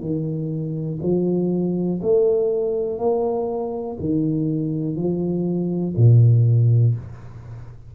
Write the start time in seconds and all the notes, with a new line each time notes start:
0.00 D#3
1.02 F3
2.02 A3
2.99 A#3
4.00 D#3
4.96 F3
5.97 A#2